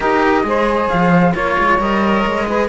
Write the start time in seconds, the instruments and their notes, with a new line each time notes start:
0.00 cello D#4 G4, saxophone A#4, flute D#5
0.43 cello G#3 G#4, saxophone C5
0.88 cello F3, flute F5
1.34 cello A#3 F4, saxophone C#5, flute C#5
1.58 cello G#3
1.78 cello G3 A#4, flute D#5
2.26 cello G#3
2.46 cello G#4, saxophone B4